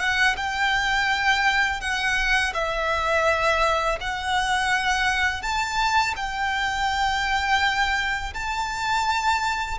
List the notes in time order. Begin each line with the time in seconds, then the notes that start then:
0.00 F#5
0.37 G5
1.81 F#5
2.54 E5
4.01 F#5
5.42 A5
6.17 G5
8.34 A5